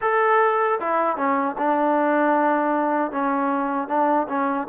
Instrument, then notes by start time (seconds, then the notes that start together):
trombone
0.01 A4
0.80 E4
1.17 C#4
1.58 D4
3.11 C#4
3.87 D4
4.28 C#4